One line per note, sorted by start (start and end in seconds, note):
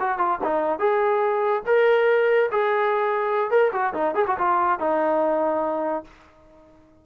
0.00 0.18 F#4
0.18 0.39 F4
0.43 0.79 D#4
0.79 1.62 G#4
1.66 2.50 A#4
2.52 3.51 G#4
3.51 3.72 A#4
3.73 3.94 F#4
3.94 4.15 D#4
4.15 4.25 G#4
4.27 4.37 F#4
4.38 4.79 F4
4.79 6.04 D#4